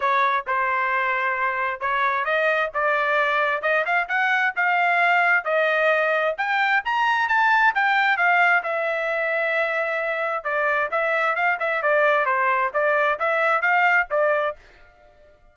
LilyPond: \new Staff \with { instrumentName = "trumpet" } { \time 4/4 \tempo 4 = 132 cis''4 c''2. | cis''4 dis''4 d''2 | dis''8 f''8 fis''4 f''2 | dis''2 g''4 ais''4 |
a''4 g''4 f''4 e''4~ | e''2. d''4 | e''4 f''8 e''8 d''4 c''4 | d''4 e''4 f''4 d''4 | }